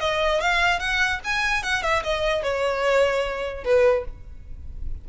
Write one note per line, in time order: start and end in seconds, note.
0.00 0.40 D#5
0.40 0.79 F5
0.79 1.20 F#5
1.24 1.63 G#5
1.63 1.82 F#5
1.82 2.03 E5
2.03 2.43 D#5
2.43 3.64 C#5
3.64 4.04 B4